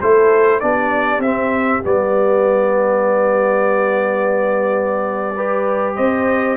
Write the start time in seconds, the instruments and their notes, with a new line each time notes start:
0.00 tuba A3, trombone E4, horn A4, trumpet C5
0.60 tuba B3, trombone D4, horn G4, trumpet D5
1.19 tuba C4, trombone C4, trumpet E5
1.83 tuba G3, trombone B3, trumpet D5
5.35 trombone G4, horn B4
5.96 tuba C4, horn C5, trumpet D#5